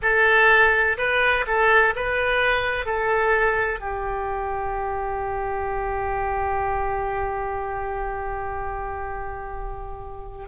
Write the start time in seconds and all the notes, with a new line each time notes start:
0.02 A4
0.97 B4
1.46 A4
1.95 B4
2.85 A4
3.80 G4